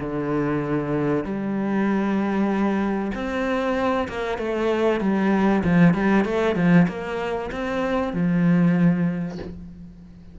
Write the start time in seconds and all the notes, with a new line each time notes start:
0.00 D3
1.24 G3
3.14 C4
4.09 A#3
4.38 A3
5.01 G3
5.64 F3
5.94 G3
6.25 A3
6.56 F3
6.88 A#3
7.52 C4
8.14 F3